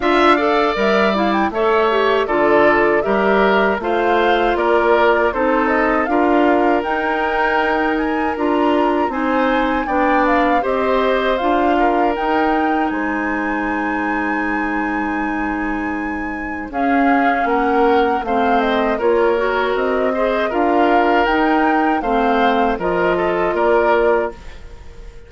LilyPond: <<
  \new Staff \with { instrumentName = "flute" } { \time 4/4 \tempo 4 = 79 f''4 e''8 f''16 g''16 e''4 d''4 | e''4 f''4 d''4 c''8 dis''8 | f''4 g''4. gis''8 ais''4 | gis''4 g''8 f''8 dis''4 f''4 |
g''4 gis''2.~ | gis''2 f''4 fis''4 | f''8 dis''8 cis''4 dis''4 f''4 | g''4 f''4 dis''4 d''4 | }
  \new Staff \with { instrumentName = "oboe" } { \time 4/4 e''8 d''4. cis''4 a'4 | ais'4 c''4 ais'4 a'4 | ais'1 | c''4 d''4 c''4. ais'8~ |
ais'4 c''2.~ | c''2 gis'4 ais'4 | c''4 ais'4. c''8 ais'4~ | ais'4 c''4 ais'8 a'8 ais'4 | }
  \new Staff \with { instrumentName = "clarinet" } { \time 4/4 f'8 a'8 ais'8 e'8 a'8 g'8 f'4 | g'4 f'2 dis'4 | f'4 dis'2 f'4 | dis'4 d'4 g'4 f'4 |
dis'1~ | dis'2 cis'2 | c'4 f'8 fis'4 gis'8 f'4 | dis'4 c'4 f'2 | }
  \new Staff \with { instrumentName = "bassoon" } { \time 4/4 d'4 g4 a4 d4 | g4 a4 ais4 c'4 | d'4 dis'2 d'4 | c'4 b4 c'4 d'4 |
dis'4 gis2.~ | gis2 cis'4 ais4 | a4 ais4 c'4 d'4 | dis'4 a4 f4 ais4 | }
>>